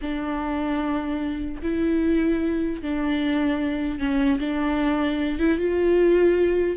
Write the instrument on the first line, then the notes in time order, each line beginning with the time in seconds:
viola
0.01 D4
1.62 E4
2.81 D4
3.99 C#4
4.39 D4
5.39 E4
5.57 F4